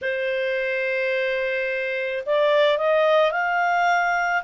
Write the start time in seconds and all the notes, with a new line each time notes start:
0.01 C5
2.25 D5
2.78 D#5
3.31 F5